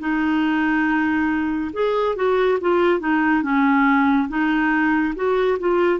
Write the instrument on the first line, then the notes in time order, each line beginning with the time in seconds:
clarinet
0.00 D#4
1.73 G#4
2.16 F#4
2.61 F4
3.00 D#4
3.43 C#4
4.29 D#4
5.16 F#4
5.59 F4